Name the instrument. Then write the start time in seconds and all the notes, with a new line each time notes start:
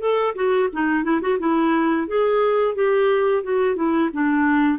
clarinet
0.00 A4
0.35 F#4
0.72 D#4
1.04 E4
1.21 F#4
1.39 E4
2.07 G#4
2.75 G4
3.43 F#4
3.76 E4
4.12 D4